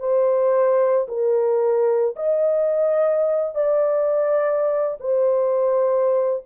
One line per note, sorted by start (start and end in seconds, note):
0.00 1.07 C5
1.08 2.16 A#4
2.17 3.55 D#5
3.55 4.98 D5
5.00 6.43 C5